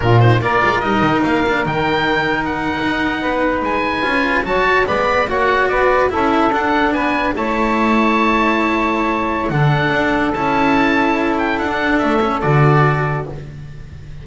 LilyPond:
<<
  \new Staff \with { instrumentName = "oboe" } { \time 4/4 \tempo 4 = 145 ais'8 c''8 d''4 dis''4 f''4 | g''2 fis''2~ | fis''8. gis''2 a''4 b''16~ | b''8. fis''4 d''4 e''4 fis''16~ |
fis''8. gis''4 a''2~ a''16~ | a''2. fis''4~ | fis''4 a''2~ a''8 g''8 | fis''4 e''4 d''2 | }
  \new Staff \with { instrumentName = "saxophone" } { \time 4/4 f'4 ais'2.~ | ais'2.~ ais'8. b'16~ | b'2~ b'8. cis''4 d''16~ | d''8. cis''4 b'4 a'4~ a'16~ |
a'8. b'4 cis''2~ cis''16~ | cis''2. a'4~ | a'1~ | a'1 | }
  \new Staff \with { instrumentName = "cello" } { \time 4/4 d'8 dis'8 f'4 dis'4. d'8 | dis'1~ | dis'4.~ dis'16 f'4 fis'4 b16~ | b8. fis'2 e'4 d'16~ |
d'4.~ d'16 e'2~ e'16~ | e'2. d'4~ | d'4 e'2.~ | e'16 d'4~ d'16 cis'8 fis'2 | }
  \new Staff \with { instrumentName = "double bass" } { \time 4/4 ais,4 ais8 gis8 g8 dis8 ais4 | dis2~ dis8. dis'4 b16~ | b8. gis4 cis'4 fis4 gis16~ | gis8. ais4 b4 cis'4 d'16~ |
d'8. b4 a2~ a16~ | a2. d4 | d'4 cis'2. | d'4 a4 d2 | }
>>